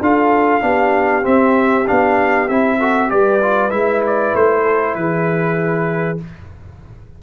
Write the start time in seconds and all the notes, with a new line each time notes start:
0.00 D4 F4 A4 F5
0.61 B3 D4 G4
1.22 C4 E5
1.87 B3 D4 F5
2.48 C4 E4 E5
2.78 F#4 A4
3.08 G3 G4 B4 D5
3.41 F4
3.70 G#3 E4 E5
4.06 D5
4.34 A3 C5
4.62 A4
4.94 E3 G#4 B4